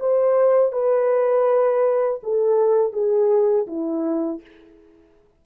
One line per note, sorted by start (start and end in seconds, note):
0.00 0.72 C5
0.72 2.21 B4
2.24 2.93 A4
2.93 3.67 G#4
3.67 4.41 E4